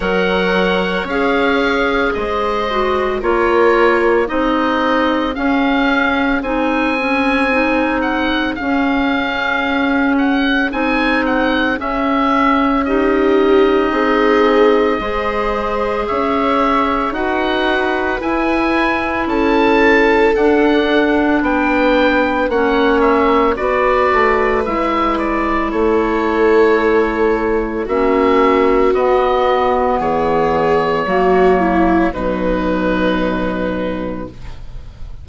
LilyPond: <<
  \new Staff \with { instrumentName = "oboe" } { \time 4/4 \tempo 4 = 56 fis''4 f''4 dis''4 cis''4 | dis''4 f''4 gis''4. fis''8 | f''4. fis''8 gis''8 fis''8 e''4 | dis''2. e''4 |
fis''4 gis''4 a''4 fis''4 | g''4 fis''8 e''8 d''4 e''8 d''8 | cis''2 e''4 dis''4 | cis''2 b'2 | }
  \new Staff \with { instrumentName = "viola" } { \time 4/4 cis''2 c''4 ais'4 | gis'1~ | gis'1 | g'4 gis'4 c''4 cis''4 |
b'2 a'2 | b'4 cis''4 b'2 | a'2 fis'2 | gis'4 fis'8 e'8 dis'2 | }
  \new Staff \with { instrumentName = "clarinet" } { \time 4/4 ais'4 gis'4. fis'8 f'4 | dis'4 cis'4 dis'8 cis'8 dis'4 | cis'2 dis'4 cis'4 | dis'2 gis'2 |
fis'4 e'2 d'4~ | d'4 cis'4 fis'4 e'4~ | e'2 cis'4 b4~ | b4 ais4 fis2 | }
  \new Staff \with { instrumentName = "bassoon" } { \time 4/4 fis4 cis'4 gis4 ais4 | c'4 cis'4 c'2 | cis'2 c'4 cis'4~ | cis'4 c'4 gis4 cis'4 |
dis'4 e'4 cis'4 d'4 | b4 ais4 b8 a8 gis4 | a2 ais4 b4 | e4 fis4 b,2 | }
>>